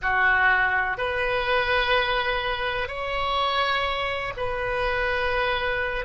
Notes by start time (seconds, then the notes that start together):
0.01 F#4
0.97 B4
2.88 C#5
4.36 B4